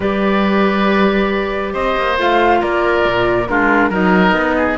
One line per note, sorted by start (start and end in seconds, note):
0.00 1.74 G3
0.00 2.16 G4
0.00 1.73 B4
0.00 1.73 D5
1.73 1.96 C4
1.73 2.60 C5
1.73 2.16 D#5
1.97 2.18 A#3
2.17 2.62 A3
2.17 3.47 F4
2.17 2.62 F5
2.61 3.05 A#3
2.61 3.47 A#4
2.61 3.47 D5
3.05 3.48 A#2
3.47 3.90 G#3
3.47 3.91 D4
3.47 3.89 F4
3.47 3.90 A#4
3.89 4.32 F#3
3.89 4.78 D#4
3.89 4.54 A#4
3.89 4.78 D#5
4.32 4.75 B3
4.57 4.78 G#4